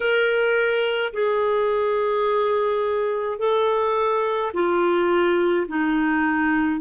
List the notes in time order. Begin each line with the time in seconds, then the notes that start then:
0.00 A#4
1.13 G#4
3.39 A4
4.53 F4
5.68 D#4